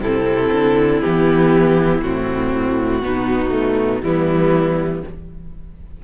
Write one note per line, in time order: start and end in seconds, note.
0.00 0.50 C3
0.00 1.04 C4
0.00 3.03 E4
0.00 1.02 A4
0.53 1.03 D3
1.02 2.02 E3
1.02 2.04 B3
1.02 2.02 G4
2.02 3.02 A2
2.02 3.03 C4
2.02 4.03 F#4
3.03 4.03 B2
3.03 3.51 B3
3.03 4.05 D#4
3.51 4.01 A3
4.03 5.04 E3
4.03 5.03 G3
4.03 5.05 B3
4.03 5.03 E4